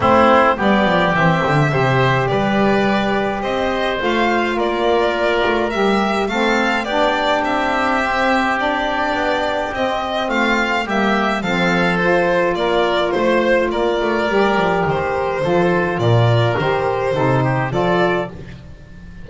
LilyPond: <<
  \new Staff \with { instrumentName = "violin" } { \time 4/4 \tempo 4 = 105 c''4 d''4 e''2 | d''2 dis''4 f''4 | d''2 e''4 f''4 | d''4 e''2 d''4~ |
d''4 dis''4 f''4 e''4 | f''4 c''4 d''4 c''4 | d''2 c''2 | d''4 c''2 d''4 | }
  \new Staff \with { instrumentName = "oboe" } { \time 4/4 e'4 g'2 c''4 | b'2 c''2 | ais'2. a'4 | g'1~ |
g'2 f'4 g'4 | a'2 ais'4 c''4 | ais'2. a'4 | ais'2 a'8 g'8 a'4 | }
  \new Staff \with { instrumentName = "saxophone" } { \time 4/4 c'4 b4 c'4 g'4~ | g'2. f'4~ | f'2 g'4 c'4 | d'2 c'4 d'4~ |
d'4 c'2 ais4 | c'4 f'2.~ | f'4 g'2 f'4~ | f'4 g'4 dis'4 f'4 | }
  \new Staff \with { instrumentName = "double bass" } { \time 4/4 a4 g8 f8 e8 d8 c4 | g2 c'4 a4 | ais4. a8 g4 a4 | b4 c'2. |
b4 c'4 a4 g4 | f2 ais4 a4 | ais8 a8 g8 f8 dis4 f4 | ais,4 dis4 c4 f4 | }
>>